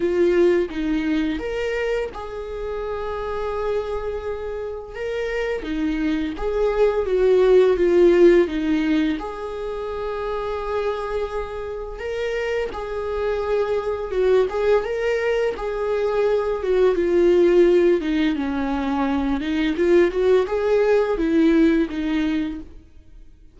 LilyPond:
\new Staff \with { instrumentName = "viola" } { \time 4/4 \tempo 4 = 85 f'4 dis'4 ais'4 gis'4~ | gis'2. ais'4 | dis'4 gis'4 fis'4 f'4 | dis'4 gis'2.~ |
gis'4 ais'4 gis'2 | fis'8 gis'8 ais'4 gis'4. fis'8 | f'4. dis'8 cis'4. dis'8 | f'8 fis'8 gis'4 e'4 dis'4 | }